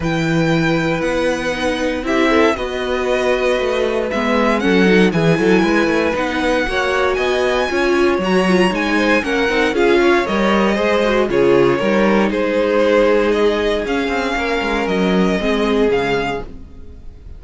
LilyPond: <<
  \new Staff \with { instrumentName = "violin" } { \time 4/4 \tempo 4 = 117 g''2 fis''2 | e''4 dis''2. | e''4 fis''4 gis''2 | fis''2 gis''2 |
ais''4 gis''4 fis''4 f''4 | dis''2 cis''2 | c''2 dis''4 f''4~ | f''4 dis''2 f''4 | }
  \new Staff \with { instrumentName = "violin" } { \time 4/4 b'1 | g'8 a'8 b'2.~ | b'4 a'4 gis'8 a'8 b'4~ | b'4 cis''4 dis''4 cis''4~ |
cis''4. c''8 ais'4 gis'8 cis''8~ | cis''4 c''4 gis'4 ais'4 | gis'1 | ais'2 gis'2 | }
  \new Staff \with { instrumentName = "viola" } { \time 4/4 e'2. dis'4 | e'4 fis'2. | b4 cis'8 dis'8 e'2 | dis'4 fis'2 f'4 |
fis'8 f'8 dis'4 cis'8 dis'8 f'4 | ais'4 gis'8 fis'8 f'4 dis'4~ | dis'2. cis'4~ | cis'2 c'4 gis4 | }
  \new Staff \with { instrumentName = "cello" } { \time 4/4 e2 b2 | c'4 b2 a4 | gis4 fis4 e8 fis8 gis8 a8 | b4 ais4 b4 cis'4 |
fis4 gis4 ais8 c'8 cis'4 | g4 gis4 cis4 g4 | gis2. cis'8 c'8 | ais8 gis8 fis4 gis4 cis4 | }
>>